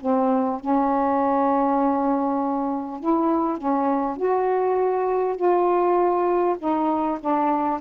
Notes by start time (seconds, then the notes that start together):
0.00 C4
0.60 C#4
3.00 E4
3.58 C#4
4.16 F#4
5.36 F4
6.58 D#4
7.20 D4